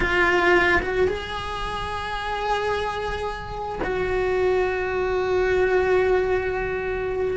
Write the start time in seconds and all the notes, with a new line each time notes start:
0.00 F4
0.82 F#4
1.07 G#4
3.83 F#4